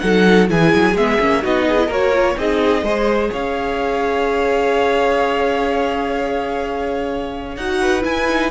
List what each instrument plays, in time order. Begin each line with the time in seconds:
0.00 cello F#3, viola D#4, violin A4 F#5
0.48 cello E3, viola E4, violin G#4 G#5
0.75 cello F#3
0.95 cello G#3, viola B3, violin E5
1.20 cello A#3, viola C#4
1.43 cello B3, viola D#4, violin F#4 D#5
1.69 violin G#4
1.78 viola E4
1.87 cello A#3, viola F#4, violin A#4 C#5
2.13 viola F4
2.37 cello C4, viola D#4, violin G#4 D#5
2.83 cello G#3, viola G#4, violin C5
3.31 cello C#4, violin C#5 F5
7.56 cello D#4, viola F#4, violin F#5
7.81 violin B4
8.02 viola E4, cello E4, violin G#5
8.29 viola D#4